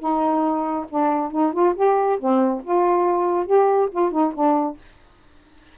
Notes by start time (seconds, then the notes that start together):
0.00 D#4
0.90 D4
1.32 D#4
1.53 F4
1.76 G4
2.20 C4
2.65 F4
3.46 G4
3.92 F4
4.12 D#4
4.35 D4